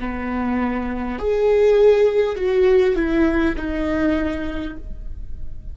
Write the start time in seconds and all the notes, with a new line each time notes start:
0.00 B3
1.19 G#4
2.37 F#4
2.96 E4
3.57 D#4